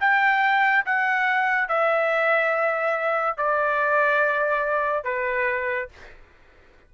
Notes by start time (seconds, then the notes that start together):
0.00 G5
0.85 F#5
1.68 E5
3.37 D5
5.04 B4